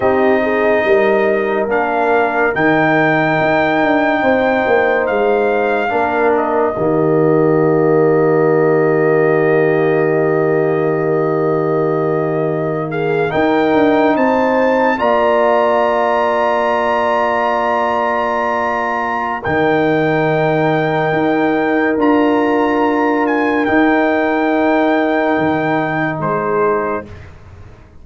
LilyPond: <<
  \new Staff \with { instrumentName = "trumpet" } { \time 4/4 \tempo 4 = 71 dis''2 f''4 g''4~ | g''2 f''4. dis''8~ | dis''1~ | dis''2.~ dis''16 f''8 g''16~ |
g''8. a''4 ais''2~ ais''16~ | ais''2. g''4~ | g''2 ais''4. gis''8 | g''2. c''4 | }
  \new Staff \with { instrumentName = "horn" } { \time 4/4 g'8 gis'8 ais'2.~ | ais'4 c''2 ais'4 | g'1~ | g'2.~ g'16 gis'8 ais'16~ |
ais'8. c''4 d''2~ d''16~ | d''2. ais'4~ | ais'1~ | ais'2. gis'4 | }
  \new Staff \with { instrumentName = "trombone" } { \time 4/4 dis'2 d'4 dis'4~ | dis'2. d'4 | ais1~ | ais2.~ ais8. dis'16~ |
dis'4.~ dis'16 f'2~ f'16~ | f'2. dis'4~ | dis'2 f'2 | dis'1 | }
  \new Staff \with { instrumentName = "tuba" } { \time 4/4 c'4 g4 ais4 dis4 | dis'8 d'8 c'8 ais8 gis4 ais4 | dis1~ | dis2.~ dis8. dis'16~ |
dis'16 d'8 c'4 ais2~ ais16~ | ais2. dis4~ | dis4 dis'4 d'2 | dis'2 dis4 gis4 | }
>>